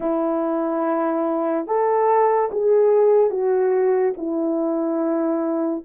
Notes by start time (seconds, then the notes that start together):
0.00 E4
1.66 A4
2.52 G#4
3.30 F#4
4.17 E4